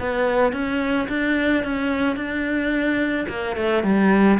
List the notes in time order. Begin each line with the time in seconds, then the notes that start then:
0.00 B3
0.53 C#4
1.09 D4
1.64 C#4
2.16 D4
3.29 A#3
3.56 A3
3.83 G3